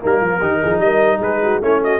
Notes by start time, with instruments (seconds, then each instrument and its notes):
0.00 tuba G3, trombone A#3, horn D#4, trumpet A#4
0.21 tuba F3, horn F4
0.40 tuba D#3, trombone D#4, horn G4
0.63 tuba F3, horn G#4
0.79 tuba G3, horn A#4, trumpet D#5
1.19 tuba G#3, horn G#4, trumpet B4
1.43 horn F#4
1.62 tuba A3, trombone C#4, horn E4, trumpet C#5
1.84 horn F#4, trumpet D#5